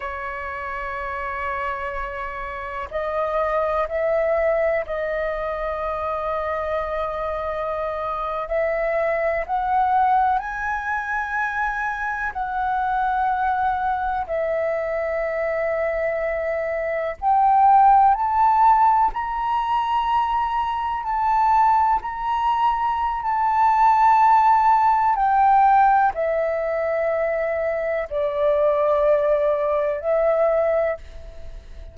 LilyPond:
\new Staff \with { instrumentName = "flute" } { \time 4/4 \tempo 4 = 62 cis''2. dis''4 | e''4 dis''2.~ | dis''8. e''4 fis''4 gis''4~ gis''16~ | gis''8. fis''2 e''4~ e''16~ |
e''4.~ e''16 g''4 a''4 ais''16~ | ais''4.~ ais''16 a''4 ais''4~ ais''16 | a''2 g''4 e''4~ | e''4 d''2 e''4 | }